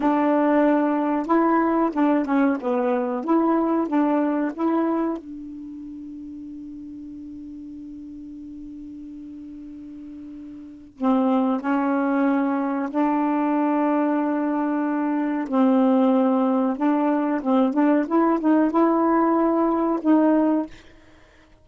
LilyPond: \new Staff \with { instrumentName = "saxophone" } { \time 4/4 \tempo 4 = 93 d'2 e'4 d'8 cis'8 | b4 e'4 d'4 e'4 | d'1~ | d'1~ |
d'4 c'4 cis'2 | d'1 | c'2 d'4 c'8 d'8 | e'8 dis'8 e'2 dis'4 | }